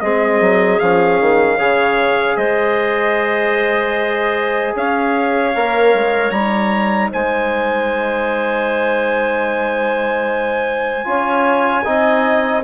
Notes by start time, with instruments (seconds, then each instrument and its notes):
0.00 bassoon G#3, trombone C4, clarinet G#4, trumpet D#5
0.40 bassoon F#3
0.79 bassoon F3, trombone C#4, trumpet F5
1.20 bassoon D#3
1.56 bassoon C#3, trombone G#4, clarinet C#5
2.36 bassoon G#3, clarinet C5, trumpet D#5
4.75 bassoon C#4, clarinet C#5, trumpet F5
5.55 bassoon A#3, trombone A#4
5.94 bassoon G#3
6.30 bassoon G3, trombone D#4, trumpet A#5
7.11 bassoon G#3, clarinet C5, trumpet G#5
11.04 bassoon C#4, trombone F4, clarinet C#5
11.84 bassoon C4, trombone D#4, clarinet D#5